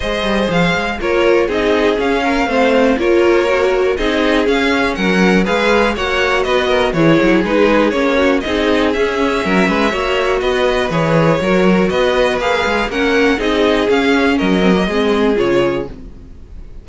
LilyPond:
<<
  \new Staff \with { instrumentName = "violin" } { \time 4/4 \tempo 4 = 121 dis''4 f''4 cis''4 dis''4 | f''2 cis''2 | dis''4 f''4 fis''4 f''4 | fis''4 dis''4 cis''4 b'4 |
cis''4 dis''4 e''2~ | e''4 dis''4 cis''2 | dis''4 f''4 fis''4 dis''4 | f''4 dis''2 cis''4 | }
  \new Staff \with { instrumentName = "violin" } { \time 4/4 c''2 ais'4 gis'4~ | gis'8 ais'8 c''4 ais'2 | gis'2 ais'4 b'4 | cis''4 b'8 ais'8 gis'2~ |
gis'8 fis'8 gis'2 ais'8 b'8 | cis''4 b'2 ais'4 | b'2 ais'4 gis'4~ | gis'4 ais'4 gis'2 | }
  \new Staff \with { instrumentName = "viola" } { \time 4/4 gis'2 f'4 dis'4 | cis'4 c'4 f'4 fis'4 | dis'4 cis'2 gis'4 | fis'2 e'4 dis'4 |
cis'4 dis'4 cis'2 | fis'2 gis'4 fis'4~ | fis'4 gis'4 cis'4 dis'4 | cis'4. c'16 ais16 c'4 f'4 | }
  \new Staff \with { instrumentName = "cello" } { \time 4/4 gis8 g8 f8 gis8 ais4 c'4 | cis'4 a4 ais2 | c'4 cis'4 fis4 gis4 | ais4 b4 e8 fis8 gis4 |
ais4 c'4 cis'4 fis8 gis8 | ais4 b4 e4 fis4 | b4 ais8 gis8 ais4 c'4 | cis'4 fis4 gis4 cis4 | }
>>